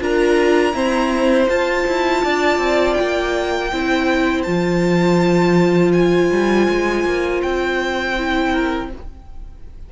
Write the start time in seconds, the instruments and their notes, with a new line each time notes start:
0.00 cello D4, viola F4, violin A#4 A#5
0.73 viola C4, cello E4, violin C5
1.48 viola F4, cello F4, violin A5
1.87 cello E4
2.23 cello D4, violin D5
2.58 cello C4
2.94 violin G5
3.00 cello A#3
3.71 cello C4, viola E4, violin C5
4.43 cello F3, viola F4, violin A5
5.93 violin G#5
6.31 cello G3
6.69 cello G#3
7.05 cello A#3
7.42 cello C4, violin G5
8.17 viola E4
8.51 violin A#4